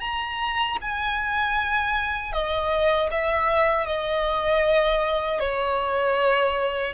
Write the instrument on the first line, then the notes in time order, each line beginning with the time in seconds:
violin
0.00 A#5
0.81 G#5
2.32 D#5
3.10 E5
3.86 D#5
5.39 C#5